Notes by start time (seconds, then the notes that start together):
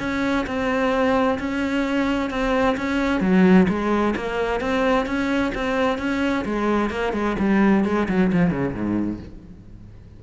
0.00 C#4
0.47 C4
1.40 C#4
2.31 C4
2.78 C#4
3.21 F#3
3.69 G#3
4.17 A#3
4.61 C4
5.07 C#4
5.55 C4
5.99 C#4
6.46 G#3
6.91 A#3
7.14 G#3
7.40 G3
7.85 G#3
8.09 F#3
8.33 F3
8.51 C#3
8.74 G#2